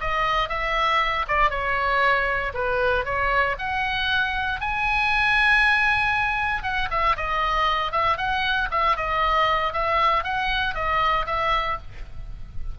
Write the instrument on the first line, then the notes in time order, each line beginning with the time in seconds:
oboe
0.00 D#5
0.48 E5
1.28 D5
1.50 C#5
2.54 B4
3.05 C#5
3.58 F#5
4.60 G#5
6.63 F#5
6.90 E5
7.17 D#5
7.91 E5
8.17 F#5
8.71 E5
8.96 D#5
9.73 E5
10.24 F#5
10.74 D#5
11.26 E5